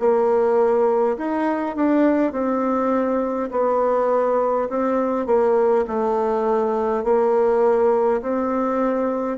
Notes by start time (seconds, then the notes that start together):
0.00 A#3
1.18 D#4
1.76 D4
2.33 C4
3.51 B3
4.70 C4
5.27 A#3
5.88 A3
7.04 A#3
8.22 C4